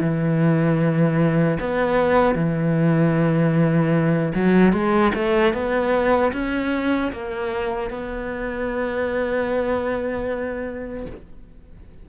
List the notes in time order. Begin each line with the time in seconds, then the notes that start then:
0.00 E3
1.60 B3
2.35 E3
4.35 F#3
4.73 G#3
5.15 A3
5.53 B3
6.33 C#4
7.12 A#3
7.90 B3